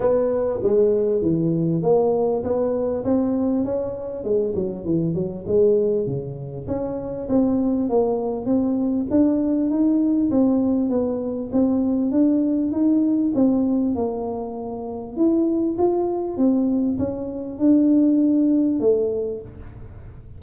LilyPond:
\new Staff \with { instrumentName = "tuba" } { \time 4/4 \tempo 4 = 99 b4 gis4 e4 ais4 | b4 c'4 cis'4 gis8 fis8 | e8 fis8 gis4 cis4 cis'4 | c'4 ais4 c'4 d'4 |
dis'4 c'4 b4 c'4 | d'4 dis'4 c'4 ais4~ | ais4 e'4 f'4 c'4 | cis'4 d'2 a4 | }